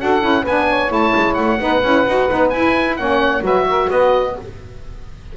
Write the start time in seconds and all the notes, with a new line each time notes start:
0.00 D4 F#4 A4 F#5
0.21 C#4 E4
0.42 B3 B4 G#5
0.48 D4
0.69 C#5
0.89 A3 E4 A5
1.16 G#3
1.34 A3 F#5
1.59 B3 D#4 B4
1.84 C#4 E4
2.07 D#4 F#4
2.30 B3 D#4
2.50 E4 G#5
2.97 A#3 C#4 C#5 F#5
3.42 F#3 F#4 B4 E5
3.69 A#4
3.90 B3 B4 D#5